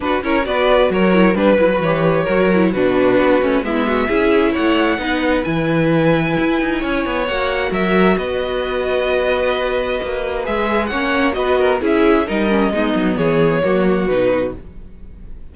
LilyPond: <<
  \new Staff \with { instrumentName = "violin" } { \time 4/4 \tempo 4 = 132 b'8 cis''8 d''4 cis''4 b'4 | cis''2 b'2 | e''2 fis''2 | gis''1 |
fis''4 e''4 dis''2~ | dis''2. e''4 | fis''4 dis''4 e''4 dis''4~ | dis''4 cis''2 b'4 | }
  \new Staff \with { instrumentName = "violin" } { \time 4/4 fis'8 ais'8 b'4 ais'4 b'4~ | b'4 ais'4 fis'2 | e'8 fis'8 gis'4 cis''4 b'4~ | b'2. cis''4~ |
cis''4 ais'4 b'2~ | b'1 | cis''4 b'8 ais'8 gis'4 ais'4 | dis'4 gis'4 fis'2 | }
  \new Staff \with { instrumentName = "viola" } { \time 4/4 d'8 e'8 fis'4. e'8 d'8 e'16 fis'16 | g'4 fis'8 e'8 d'4. cis'8 | b4 e'2 dis'4 | e'1 |
fis'1~ | fis'2. gis'4 | cis'4 fis'4 e'4 dis'8 cis'8 | b2 ais4 dis'4 | }
  \new Staff \with { instrumentName = "cello" } { \time 4/4 d'8 cis'8 b4 fis4 g8 fis8 | e4 fis4 b,4 b8 a8 | gis4 cis'4 a4 b4 | e2 e'8 dis'8 cis'8 b8 |
ais4 fis4 b2~ | b2 ais4 gis4 | ais4 b4 cis'4 g4 | gis8 fis8 e4 fis4 b,4 | }
>>